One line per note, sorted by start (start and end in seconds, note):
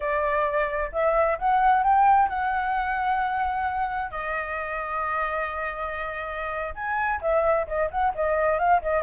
0.00 0.91 D5
0.92 1.37 E5
1.38 1.83 F#5
1.83 2.29 G5
2.29 4.11 F#5
4.11 6.74 D#5
6.75 7.20 G#5
7.21 7.67 E5
7.67 7.89 D#5
7.90 8.13 F#5
8.14 8.59 D#5
8.59 8.81 F5
8.82 9.02 D#5